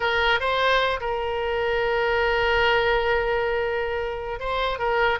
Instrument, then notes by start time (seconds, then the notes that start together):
oboe
0.00 A#4
0.40 C5
1.00 A#4
4.39 C5
4.79 A#4